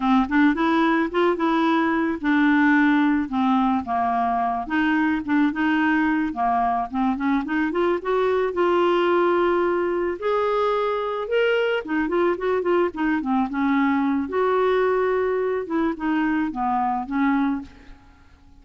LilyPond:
\new Staff \with { instrumentName = "clarinet" } { \time 4/4 \tempo 4 = 109 c'8 d'8 e'4 f'8 e'4. | d'2 c'4 ais4~ | ais8 dis'4 d'8 dis'4. ais8~ | ais8 c'8 cis'8 dis'8 f'8 fis'4 f'8~ |
f'2~ f'8 gis'4.~ | gis'8 ais'4 dis'8 f'8 fis'8 f'8 dis'8 | c'8 cis'4. fis'2~ | fis'8 e'8 dis'4 b4 cis'4 | }